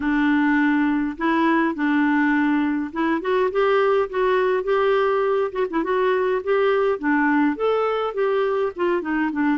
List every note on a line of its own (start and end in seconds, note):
0.00 1.17 D4
1.17 1.74 E4
1.74 2.91 D4
2.92 3.21 E4
3.21 3.50 F#4
3.51 4.09 G4
4.09 4.63 F#4
4.63 5.51 G4
5.52 5.66 F#4
5.70 5.83 E4
5.83 6.42 F#4
6.43 6.98 G4
6.98 7.55 D4
7.55 8.14 A4
8.14 8.72 G4
8.75 9.01 F4
9.01 9.30 D#4
9.32 9.57 D4